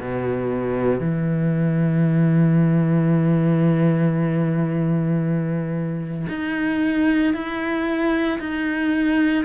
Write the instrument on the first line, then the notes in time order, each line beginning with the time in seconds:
cello
0.00 B2
1.00 E3
6.29 D#4
7.34 E4
8.39 D#4